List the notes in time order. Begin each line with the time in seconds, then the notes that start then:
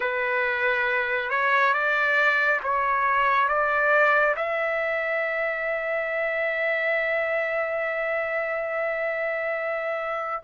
0.00 B4
1.30 C#5
1.73 D5
2.63 C#5
3.48 D5
4.36 E5